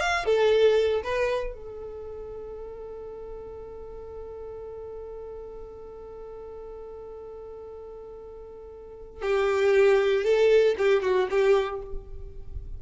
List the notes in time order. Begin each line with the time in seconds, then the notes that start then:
0.00 F5
0.25 A4
1.03 B4
1.53 A4
9.22 G4
10.24 A4
10.78 G4
11.03 F#4
11.31 G4